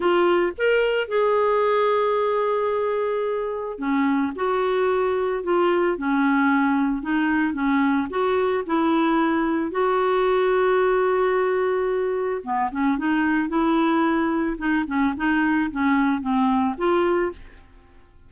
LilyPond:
\new Staff \with { instrumentName = "clarinet" } { \time 4/4 \tempo 4 = 111 f'4 ais'4 gis'2~ | gis'2. cis'4 | fis'2 f'4 cis'4~ | cis'4 dis'4 cis'4 fis'4 |
e'2 fis'2~ | fis'2. b8 cis'8 | dis'4 e'2 dis'8 cis'8 | dis'4 cis'4 c'4 f'4 | }